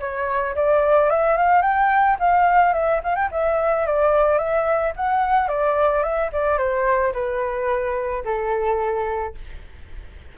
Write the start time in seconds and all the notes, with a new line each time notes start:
0.00 C#5
0.56 D5
1.10 E5
1.37 F5
1.62 G5
2.20 F5
2.73 E5
3.04 F5
3.16 G5
3.32 E5
3.86 D5
4.38 E5
4.96 F#5
5.48 D5
6.03 E5
6.33 D5
6.58 C5
7.13 B4
8.25 A4